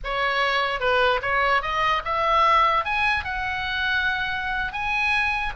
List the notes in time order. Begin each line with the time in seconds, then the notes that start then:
0.03 C#5
0.80 B4
1.22 C#5
1.62 D#5
2.04 E5
2.84 G#5
3.24 F#5
4.72 G#5